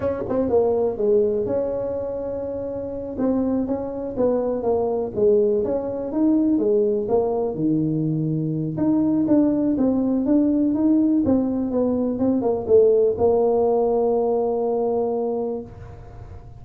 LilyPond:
\new Staff \with { instrumentName = "tuba" } { \time 4/4 \tempo 4 = 123 cis'8 c'8 ais4 gis4 cis'4~ | cis'2~ cis'8 c'4 cis'8~ | cis'8 b4 ais4 gis4 cis'8~ | cis'8 dis'4 gis4 ais4 dis8~ |
dis2 dis'4 d'4 | c'4 d'4 dis'4 c'4 | b4 c'8 ais8 a4 ais4~ | ais1 | }